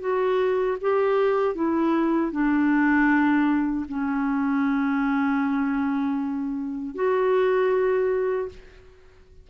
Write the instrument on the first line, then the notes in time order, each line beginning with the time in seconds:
clarinet
0.00 F#4
0.80 G4
1.55 E4
2.31 D4
3.88 C#4
6.95 F#4